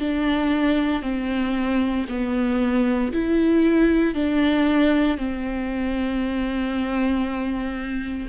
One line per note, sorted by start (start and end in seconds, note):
0.00 1.03 D4
1.03 2.06 C4
2.09 3.12 B3
3.13 4.15 E4
4.15 5.18 D4
5.18 8.28 C4